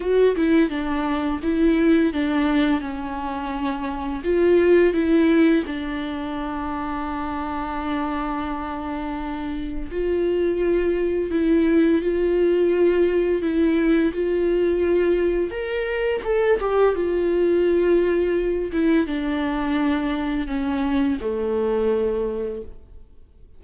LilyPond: \new Staff \with { instrumentName = "viola" } { \time 4/4 \tempo 4 = 85 fis'8 e'8 d'4 e'4 d'4 | cis'2 f'4 e'4 | d'1~ | d'2 f'2 |
e'4 f'2 e'4 | f'2 ais'4 a'8 g'8 | f'2~ f'8 e'8 d'4~ | d'4 cis'4 a2 | }